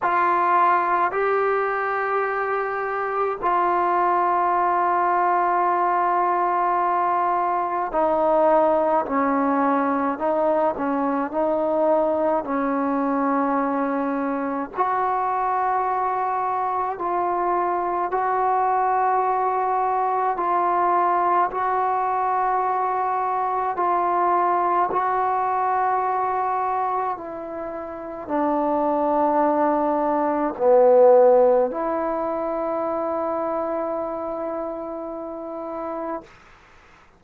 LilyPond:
\new Staff \with { instrumentName = "trombone" } { \time 4/4 \tempo 4 = 53 f'4 g'2 f'4~ | f'2. dis'4 | cis'4 dis'8 cis'8 dis'4 cis'4~ | cis'4 fis'2 f'4 |
fis'2 f'4 fis'4~ | fis'4 f'4 fis'2 | e'4 d'2 b4 | e'1 | }